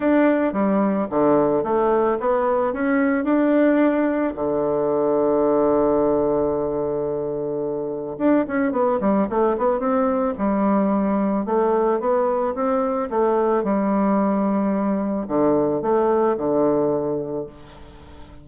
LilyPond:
\new Staff \with { instrumentName = "bassoon" } { \time 4/4 \tempo 4 = 110 d'4 g4 d4 a4 | b4 cis'4 d'2 | d1~ | d2. d'8 cis'8 |
b8 g8 a8 b8 c'4 g4~ | g4 a4 b4 c'4 | a4 g2. | d4 a4 d2 | }